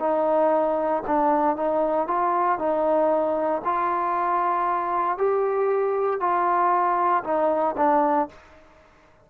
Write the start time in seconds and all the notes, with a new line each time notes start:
0.00 D#4
1.07 D4
1.57 D#4
2.08 F4
2.59 D#4
3.65 F4
5.18 G4
6.20 F4
7.24 D#4
7.77 D4